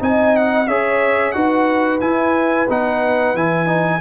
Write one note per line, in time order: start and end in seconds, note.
0.00 0.68 C4
0.00 0.67 D#4
0.00 0.68 D#5
0.00 0.37 G#5
0.37 0.68 F#5
0.68 1.34 C#4
0.68 1.34 G#4
0.68 1.35 C#5
0.68 1.32 E5
1.32 2.02 D#4
1.32 2.01 F#4
1.32 4.01 B4
1.32 1.99 F#5
2.01 2.68 E4
2.01 2.69 E4
2.01 2.68 G#5
2.70 3.35 B3
2.70 3.36 D#4
2.70 3.37 F#5
3.35 4.01 E3
3.35 3.67 E4
3.35 4.01 G#5
3.67 4.00 D#4